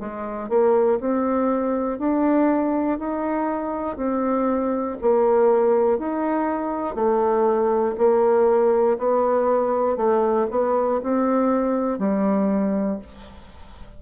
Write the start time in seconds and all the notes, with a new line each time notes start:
0.00 G#3
0.49 A#3
1.00 C4
1.99 D4
2.99 D#4
3.97 C4
5.02 A#3
5.99 D#4
6.95 A3
7.98 A#3
8.99 B3
9.97 A3
10.51 B3
11.03 C4
11.99 G3